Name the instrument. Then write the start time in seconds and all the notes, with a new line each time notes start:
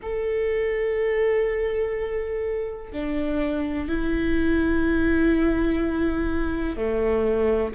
viola
0.02 A4
2.92 D4
3.88 E4
6.76 A3